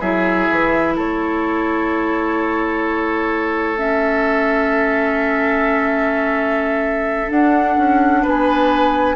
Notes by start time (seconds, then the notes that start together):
0.00 F#3 E4 G#4 E5
0.51 E3
0.96 A3 A4 C#5
3.77 C#4 E5
7.28 D4 F#5
7.77 C#4
8.22 B3 B4 G#5